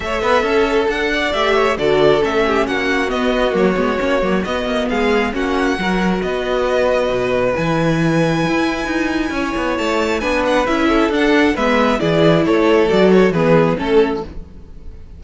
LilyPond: <<
  \new Staff \with { instrumentName = "violin" } { \time 4/4 \tempo 4 = 135 e''2 fis''4 e''4 | d''4 e''4 fis''4 dis''4 | cis''2 dis''4 f''4 | fis''2 dis''2~ |
dis''4 gis''2.~ | gis''2 a''4 gis''8 fis''8 | e''4 fis''4 e''4 d''4 | cis''4 d''8 cis''8 b'4 a'4 | }
  \new Staff \with { instrumentName = "violin" } { \time 4/4 cis''8 b'8 a'4. d''4 cis''8 | a'4. g'8 fis'2~ | fis'2. gis'4 | fis'4 ais'4 b'2~ |
b'1~ | b'4 cis''2 b'4~ | b'8 a'4. b'4 gis'4 | a'2 gis'4 a'4 | }
  \new Staff \with { instrumentName = "viola" } { \time 4/4 a'2. g'4 | fis'4 cis'2 b4 | ais8 b8 cis'8 ais8 b2 | cis'4 fis'2.~ |
fis'4 e'2.~ | e'2. d'4 | e'4 d'4 b4 e'4~ | e'4 fis'4 b4 cis'4 | }
  \new Staff \with { instrumentName = "cello" } { \time 4/4 a8 b8 cis'4 d'4 a4 | d4 a4 ais4 b4 | fis8 gis8 ais8 fis8 b8 ais8 gis4 | ais4 fis4 b2 |
b,4 e2 e'4 | dis'4 cis'8 b8 a4 b4 | cis'4 d'4 gis4 e4 | a4 fis4 e4 a4 | }
>>